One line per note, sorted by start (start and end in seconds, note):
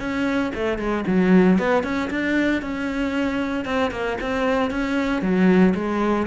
0.00 0.52 C#4
0.55 0.78 A3
0.78 1.04 G#3
1.07 1.59 F#3
1.59 1.84 B3
1.84 2.10 C#4
2.10 2.62 D4
2.62 3.65 C#4
3.65 3.91 C4
3.91 4.17 A#3
4.21 4.71 C4
4.71 5.22 C#4
5.22 5.74 F#3
5.75 6.27 G#3